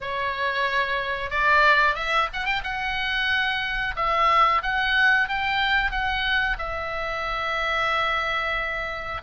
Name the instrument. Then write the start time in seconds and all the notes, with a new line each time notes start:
oboe
0.00 C#5
1.30 D5
1.95 E5
2.33 F#5
2.45 G5
2.63 F#5
3.96 E5
4.62 F#5
5.28 G5
5.91 F#5
6.58 E5